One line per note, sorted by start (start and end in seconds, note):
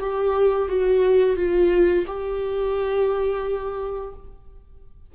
0.00 0.69 G4
0.69 1.37 F#4
1.37 2.06 F4
2.07 4.14 G4